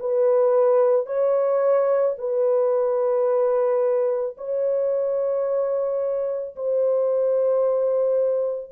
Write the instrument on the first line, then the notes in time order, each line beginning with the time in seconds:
horn
0.00 B4
1.06 C#5
2.18 B4
4.37 C#5
6.56 C5